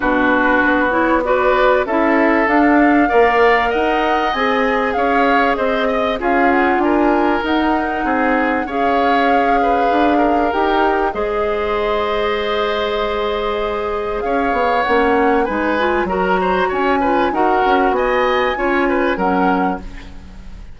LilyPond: <<
  \new Staff \with { instrumentName = "flute" } { \time 4/4 \tempo 4 = 97 b'4. cis''8 d''4 e''4 | f''2 fis''4 gis''4 | f''4 dis''4 f''8 fis''8 gis''4 | fis''2 f''2~ |
f''4 g''4 dis''2~ | dis''2. f''4 | fis''4 gis''4 ais''4 gis''4 | fis''4 gis''2 fis''4 | }
  \new Staff \with { instrumentName = "oboe" } { \time 4/4 fis'2 b'4 a'4~ | a'4 d''4 dis''2 | cis''4 c''8 dis''8 gis'4 ais'4~ | ais'4 gis'4 cis''4. b'8~ |
b'8 ais'4. c''2~ | c''2. cis''4~ | cis''4 b'4 ais'8 c''8 cis''8 b'8 | ais'4 dis''4 cis''8 b'8 ais'4 | }
  \new Staff \with { instrumentName = "clarinet" } { \time 4/4 d'4. e'8 fis'4 e'4 | d'4 ais'2 gis'4~ | gis'2 f'2 | dis'2 gis'2~ |
gis'4 g'4 gis'2~ | gis'1 | cis'4 dis'8 f'8 fis'4. f'8 | fis'2 f'4 cis'4 | }
  \new Staff \with { instrumentName = "bassoon" } { \time 4/4 b,4 b2 cis'4 | d'4 ais4 dis'4 c'4 | cis'4 c'4 cis'4 d'4 | dis'4 c'4 cis'2 |
d'4 dis'4 gis2~ | gis2. cis'8 b8 | ais4 gis4 fis4 cis'4 | dis'8 cis'8 b4 cis'4 fis4 | }
>>